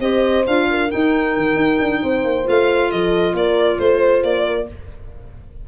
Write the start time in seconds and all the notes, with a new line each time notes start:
0.00 C4 G4 C5 D#5
0.47 D4 F4 F5
0.70 A#4
0.90 D#4 G5
1.37 D#3
1.56 D#4
1.80 D4
2.02 C4 C5
2.25 A#3
2.45 A3 F4 F5
2.91 F3 A4 D#5
3.34 A#3 A#4 D5
3.79 A3 C5
4.24 A#3 D5
4.46 A#4